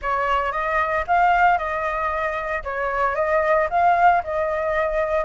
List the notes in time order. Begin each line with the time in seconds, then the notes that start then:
0.02 C#5
0.52 D#5
1.07 F5
1.58 D#5
2.63 C#5
3.15 D#5
3.70 F5
4.23 D#5